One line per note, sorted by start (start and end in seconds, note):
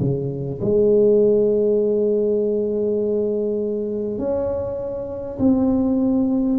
0.00 0.60 C#3
0.61 4.18 G#3
4.18 5.38 C#4
5.38 6.58 C4